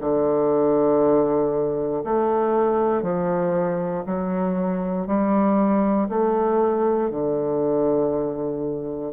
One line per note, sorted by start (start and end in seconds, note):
0.00 2.03 D3
2.04 3.02 A3
3.02 4.04 F3
4.06 5.07 F#3
5.07 6.08 G3
6.08 7.10 A3
7.10 9.12 D3